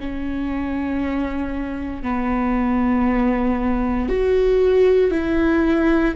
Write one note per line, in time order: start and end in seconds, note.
0.00 2.03 C#4
2.03 4.09 B3
4.09 5.11 F#4
5.11 6.14 E4